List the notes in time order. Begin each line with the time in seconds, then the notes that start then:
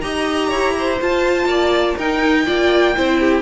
0.00 D#4 G4 D#5 A#5
0.49 E4 C#5
0.78 C5
1.00 F4 A5
1.45 A#3 D5
1.96 D#4 A#4 G5
2.46 A#3 F4 D5
2.96 C4 E4 C5
3.19 G4